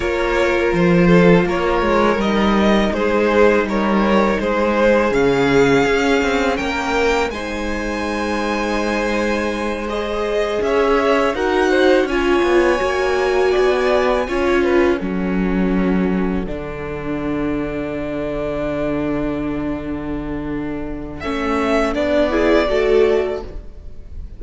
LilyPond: <<
  \new Staff \with { instrumentName = "violin" } { \time 4/4 \tempo 4 = 82 cis''4 c''4 cis''4 dis''4 | c''4 cis''4 c''4 f''4~ | f''4 g''4 gis''2~ | gis''4. dis''4 e''4 fis''8~ |
fis''8 gis''2.~ gis''8~ | gis''8 fis''2.~ fis''8~ | fis''1~ | fis''4 e''4 d''2 | }
  \new Staff \with { instrumentName = "violin" } { \time 4/4 ais'4. a'8 ais'2 | gis'4 ais'4 gis'2~ | gis'4 ais'4 c''2~ | c''2~ c''8 cis''4 ais'8 |
c''8 cis''2 d''4 cis''8 | b'8 a'2.~ a'8~ | a'1~ | a'2~ a'8 gis'8 a'4 | }
  \new Staff \with { instrumentName = "viola" } { \time 4/4 f'2. dis'4~ | dis'2. cis'4~ | cis'2 dis'2~ | dis'4. gis'2 fis'8~ |
fis'8 f'4 fis'2 f'8~ | f'8 cis'2 d'4.~ | d'1~ | d'4 cis'4 d'8 e'8 fis'4 | }
  \new Staff \with { instrumentName = "cello" } { \time 4/4 ais4 f4 ais8 gis8 g4 | gis4 g4 gis4 cis4 | cis'8 c'8 ais4 gis2~ | gis2~ gis8 cis'4 dis'8~ |
dis'8 cis'8 b8 ais4 b4 cis'8~ | cis'8 fis2 d4.~ | d1~ | d4 a4 b4 a4 | }
>>